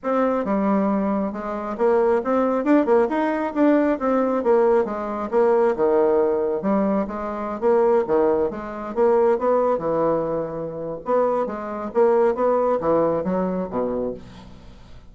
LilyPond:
\new Staff \with { instrumentName = "bassoon" } { \time 4/4 \tempo 4 = 136 c'4 g2 gis4 | ais4 c'4 d'8 ais8 dis'4 | d'4 c'4 ais4 gis4 | ais4 dis2 g4 |
gis4~ gis16 ais4 dis4 gis8.~ | gis16 ais4 b4 e4.~ e16~ | e4 b4 gis4 ais4 | b4 e4 fis4 b,4 | }